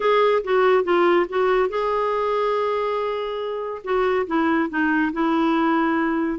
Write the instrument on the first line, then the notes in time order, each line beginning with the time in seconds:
clarinet
0.00 G#4
0.44 F#4
0.84 F4
1.29 F#4
1.69 G#4
3.83 F#4
4.26 E4
4.69 D#4
5.12 E4